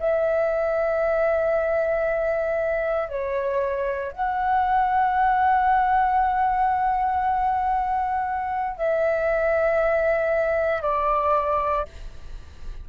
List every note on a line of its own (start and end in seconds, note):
0.00 3.09 E5
3.09 4.12 C#5
4.13 8.78 F#5
8.78 10.82 E5
10.82 11.86 D5